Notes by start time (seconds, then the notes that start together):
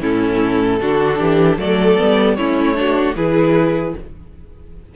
0.00 A2 C#4 E4 A4
0.81 D3 D4 F#4
1.19 E3 G4
1.58 F#3 A3 A4 D5
1.97 G3 B3
2.36 A3 C#4 E4 C#5
2.75 D4 F#4
3.15 E3 E4 G#4 B4